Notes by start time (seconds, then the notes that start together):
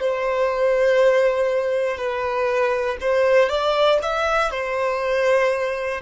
0.00 C5
1.97 B4
3.00 C5
3.49 D5
4.02 E5
4.50 C5